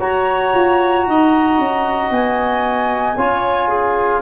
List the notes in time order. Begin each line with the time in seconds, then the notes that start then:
0.00 F#4 C#5 A#5
0.54 F4
1.07 D#4 D#5
1.58 C#4
2.11 B3 G#5
3.17 C#4 F4 C#5
3.68 G#4